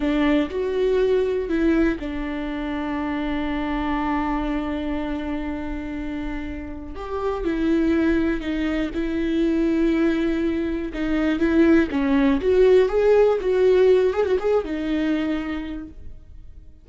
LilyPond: \new Staff \with { instrumentName = "viola" } { \time 4/4 \tempo 4 = 121 d'4 fis'2 e'4 | d'1~ | d'1~ | d'2 g'4 e'4~ |
e'4 dis'4 e'2~ | e'2 dis'4 e'4 | cis'4 fis'4 gis'4 fis'4~ | fis'8 gis'16 fis'16 gis'8 dis'2~ dis'8 | }